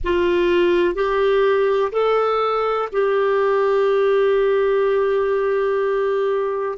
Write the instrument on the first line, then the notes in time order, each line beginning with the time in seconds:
clarinet
0.04 F4
0.95 G4
1.91 A4
2.92 G4